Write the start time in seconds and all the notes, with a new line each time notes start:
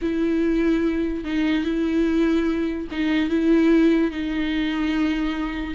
0.01 E4
1.24 D#4
1.64 E4
2.91 D#4
3.29 E4
4.11 D#4